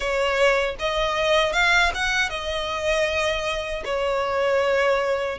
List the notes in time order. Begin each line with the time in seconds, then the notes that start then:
0.00 C#5
0.79 D#5
1.52 F5
1.94 F#5
2.29 D#5
3.85 C#5